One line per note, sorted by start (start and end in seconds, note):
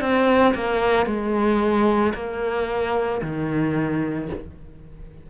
0.00 0.54 C4
0.55 1.06 A#3
1.06 2.13 G#3
2.14 3.21 A#3
3.21 4.29 D#3